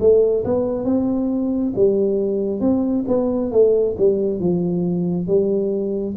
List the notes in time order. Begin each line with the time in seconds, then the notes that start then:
0.00 A3
0.45 B3
0.85 C4
1.76 G3
2.60 C4
3.08 B3
3.52 A3
3.98 G3
4.40 F3
5.27 G3